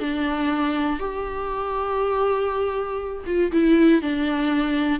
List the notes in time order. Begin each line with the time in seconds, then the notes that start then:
0.00 D4
0.99 G4
3.27 F4
3.52 E4
4.02 D4